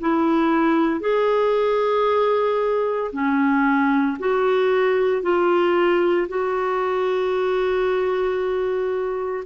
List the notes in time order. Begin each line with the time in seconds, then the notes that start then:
0.00 E4
1.00 G#4
3.12 C#4
4.19 F#4
5.22 F4
6.28 F#4